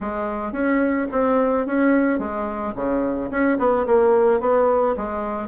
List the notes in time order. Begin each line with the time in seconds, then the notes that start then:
0.00 G#3
0.52 C#4
1.11 C4
1.66 C#4
2.18 G#3
2.75 C#3
3.30 C#4
3.58 B3
3.86 A#3
4.40 B3
4.97 G#3